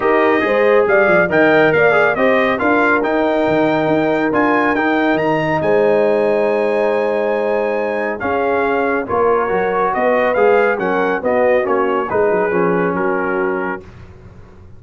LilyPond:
<<
  \new Staff \with { instrumentName = "trumpet" } { \time 4/4 \tempo 4 = 139 dis''2 f''4 g''4 | f''4 dis''4 f''4 g''4~ | g''2 gis''4 g''4 | ais''4 gis''2.~ |
gis''2. f''4~ | f''4 cis''2 dis''4 | f''4 fis''4 dis''4 cis''4 | b'2 ais'2 | }
  \new Staff \with { instrumentName = "horn" } { \time 4/4 ais'4 c''4 d''4 dis''4 | d''4 c''4 ais'2~ | ais'1~ | ais'4 c''2.~ |
c''2. gis'4~ | gis'4 ais'2 b'4~ | b'4 ais'4 fis'2 | gis'2 fis'2 | }
  \new Staff \with { instrumentName = "trombone" } { \time 4/4 g'4 gis'2 ais'4~ | ais'8 gis'8 g'4 f'4 dis'4~ | dis'2 f'4 dis'4~ | dis'1~ |
dis'2. cis'4~ | cis'4 f'4 fis'2 | gis'4 cis'4 b4 cis'4 | dis'4 cis'2. | }
  \new Staff \with { instrumentName = "tuba" } { \time 4/4 dis'4 gis4 g8 f8 dis4 | ais4 c'4 d'4 dis'4 | dis4 dis'4 d'4 dis'4 | dis4 gis2.~ |
gis2. cis'4~ | cis'4 ais4 fis4 b4 | gis4 fis4 b4 ais4 | gis8 fis8 f4 fis2 | }
>>